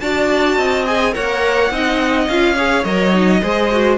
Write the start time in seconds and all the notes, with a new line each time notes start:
0.00 D4 F#4 D5 A5
0.57 C4 D#5
0.86 G#4 G#5
1.13 A#3 A#4 C#5 F#5
1.71 C4 D#4 D#5
2.28 C#4 F4 F5
2.56 G#4 C#5
2.84 F#3 A#4 D#5
3.13 D#4
3.42 G#3 G#4 C5
3.72 F#4